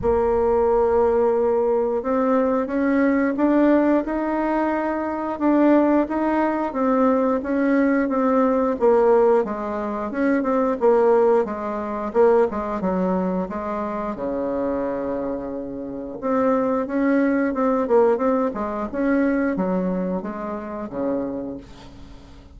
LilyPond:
\new Staff \with { instrumentName = "bassoon" } { \time 4/4 \tempo 4 = 89 ais2. c'4 | cis'4 d'4 dis'2 | d'4 dis'4 c'4 cis'4 | c'4 ais4 gis4 cis'8 c'8 |
ais4 gis4 ais8 gis8 fis4 | gis4 cis2. | c'4 cis'4 c'8 ais8 c'8 gis8 | cis'4 fis4 gis4 cis4 | }